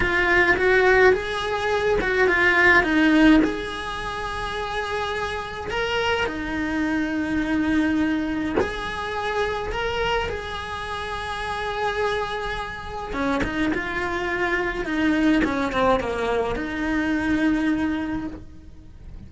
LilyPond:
\new Staff \with { instrumentName = "cello" } { \time 4/4 \tempo 4 = 105 f'4 fis'4 gis'4. fis'8 | f'4 dis'4 gis'2~ | gis'2 ais'4 dis'4~ | dis'2. gis'4~ |
gis'4 ais'4 gis'2~ | gis'2. cis'8 dis'8 | f'2 dis'4 cis'8 c'8 | ais4 dis'2. | }